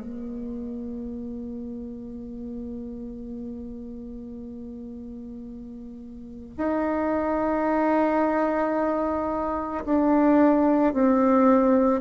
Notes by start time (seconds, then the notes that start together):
0.00 A#3
6.57 D#4
9.84 D4
10.93 C4